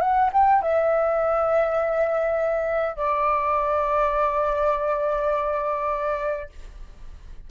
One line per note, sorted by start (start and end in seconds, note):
0.00 0.29 F#5
0.32 0.61 G5
0.61 2.96 E5
2.96 6.49 D5